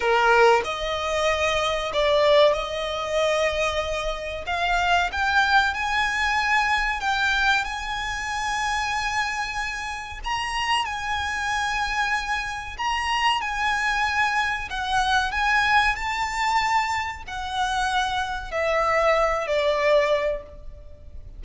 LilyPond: \new Staff \with { instrumentName = "violin" } { \time 4/4 \tempo 4 = 94 ais'4 dis''2 d''4 | dis''2. f''4 | g''4 gis''2 g''4 | gis''1 |
ais''4 gis''2. | ais''4 gis''2 fis''4 | gis''4 a''2 fis''4~ | fis''4 e''4. d''4. | }